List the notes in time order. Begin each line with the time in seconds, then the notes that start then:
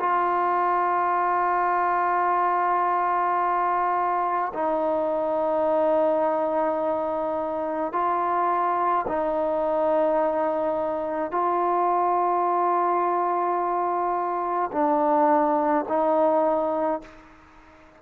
0.00 F4
4.54 D#4
7.92 F4
9.08 D#4
11.32 F4
14.72 D4
15.89 D#4